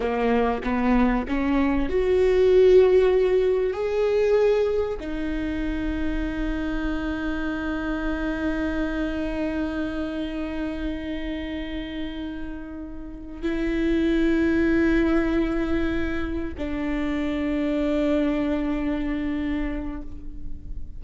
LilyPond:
\new Staff \with { instrumentName = "viola" } { \time 4/4 \tempo 4 = 96 ais4 b4 cis'4 fis'4~ | fis'2 gis'2 | dis'1~ | dis'1~ |
dis'1~ | dis'4. e'2~ e'8~ | e'2~ e'8 d'4.~ | d'1 | }